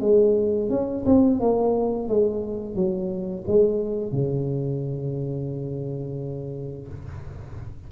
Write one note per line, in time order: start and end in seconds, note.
0.00 0.69 G#3
0.69 1.04 C#4
1.05 1.39 C4
1.39 2.08 A#3
2.08 2.75 G#3
2.75 3.44 F#3
3.47 4.12 G#3
4.12 6.87 C#3